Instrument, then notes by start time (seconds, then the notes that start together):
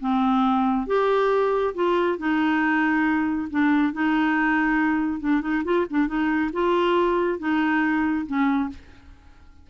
clarinet
0.00 C4
0.87 G4
1.75 F4
2.18 D#4
3.50 D4
3.93 D#4
5.20 D4
5.42 D#4
5.64 F4
5.90 D4
6.07 D#4
6.53 F4
7.39 D#4
8.26 C#4